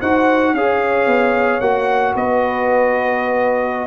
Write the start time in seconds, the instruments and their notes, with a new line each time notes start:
0.00 tuba D#4, trombone F#4, horn C5, trumpet F#5
0.54 tuba C#4, trombone G#4, horn C#5, trumpet F5
1.07 tuba B3
1.60 tuba A#3, trombone F#4, trumpet F#5
2.15 tuba B3, horn B4, trumpet D#5